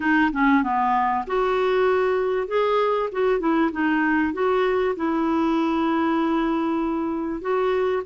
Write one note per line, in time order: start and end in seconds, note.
0.00 0.31 D#4
0.32 0.63 C#4
0.63 1.25 B3
1.27 2.47 F#4
2.47 3.09 G#4
3.12 3.39 F#4
3.39 3.70 E4
3.72 4.33 D#4
4.33 4.95 F#4
4.95 7.41 E4
7.41 8.02 F#4